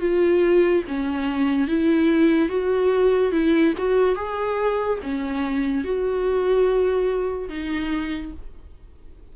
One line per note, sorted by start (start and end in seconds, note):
0.00 0.83 F4
0.88 1.68 C#4
1.68 2.49 E4
2.49 3.32 F#4
3.32 3.74 E4
3.78 4.16 F#4
4.16 4.99 G#4
5.03 5.84 C#4
5.84 7.50 F#4
7.50 8.33 D#4